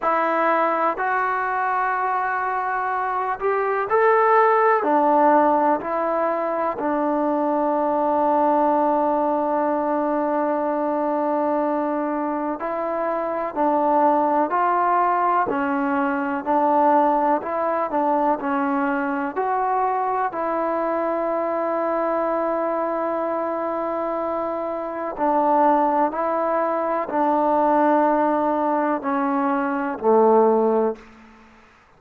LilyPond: \new Staff \with { instrumentName = "trombone" } { \time 4/4 \tempo 4 = 62 e'4 fis'2~ fis'8 g'8 | a'4 d'4 e'4 d'4~ | d'1~ | d'4 e'4 d'4 f'4 |
cis'4 d'4 e'8 d'8 cis'4 | fis'4 e'2.~ | e'2 d'4 e'4 | d'2 cis'4 a4 | }